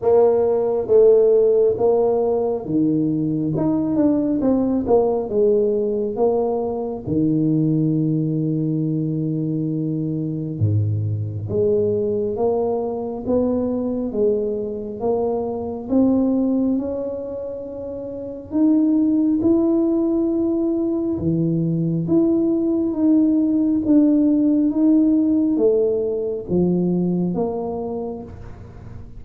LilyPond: \new Staff \with { instrumentName = "tuba" } { \time 4/4 \tempo 4 = 68 ais4 a4 ais4 dis4 | dis'8 d'8 c'8 ais8 gis4 ais4 | dis1 | gis,4 gis4 ais4 b4 |
gis4 ais4 c'4 cis'4~ | cis'4 dis'4 e'2 | e4 e'4 dis'4 d'4 | dis'4 a4 f4 ais4 | }